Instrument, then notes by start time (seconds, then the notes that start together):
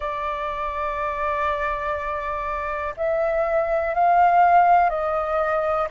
flute
0.00 D5
2.96 E5
3.94 F5
4.89 D#5